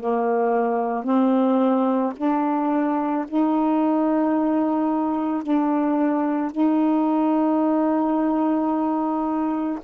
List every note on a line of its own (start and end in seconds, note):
0.00 1.04 A#3
1.04 2.13 C4
2.17 3.26 D4
3.28 5.43 D#4
5.43 6.52 D4
6.52 9.79 D#4